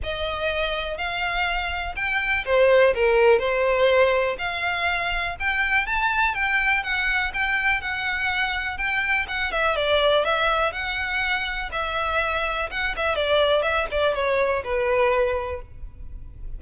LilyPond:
\new Staff \with { instrumentName = "violin" } { \time 4/4 \tempo 4 = 123 dis''2 f''2 | g''4 c''4 ais'4 c''4~ | c''4 f''2 g''4 | a''4 g''4 fis''4 g''4 |
fis''2 g''4 fis''8 e''8 | d''4 e''4 fis''2 | e''2 fis''8 e''8 d''4 | e''8 d''8 cis''4 b'2 | }